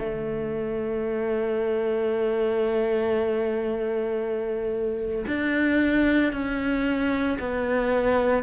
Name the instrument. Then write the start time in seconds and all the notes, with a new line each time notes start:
cello
0.00 A3
5.27 D4
6.33 C#4
7.40 B3